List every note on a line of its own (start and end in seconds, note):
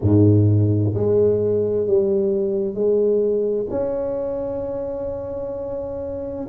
0.01 0.94 G#2
0.94 1.86 G#3
1.86 2.74 G3
2.74 3.66 G#3
3.70 6.47 C#4